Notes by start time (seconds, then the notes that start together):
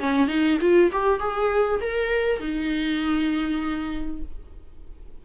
0.00 C#4
0.28 D#4
0.61 F4
0.93 G4
1.20 G#4
1.81 A#4
2.40 D#4